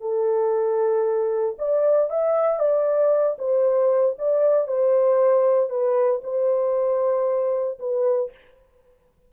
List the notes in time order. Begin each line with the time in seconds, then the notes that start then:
0.00 A4
1.58 D5
2.10 E5
2.59 D5
3.38 C5
4.18 D5
4.67 C5
5.69 B4
6.23 C5
7.79 B4